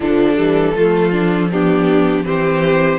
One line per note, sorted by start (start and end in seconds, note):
0.00 0.36 D3
0.00 0.36 F3
0.00 0.73 D4
0.00 1.51 A4
0.36 0.75 E3
0.36 0.73 G3
0.75 2.24 F3
0.75 1.12 A3
0.75 1.50 F4
1.12 1.50 D4
1.51 2.23 B3
1.51 2.26 D4
1.51 2.25 G4
2.23 2.98 E3
2.23 2.98 C4
2.23 2.98 G4
2.23 2.98 C5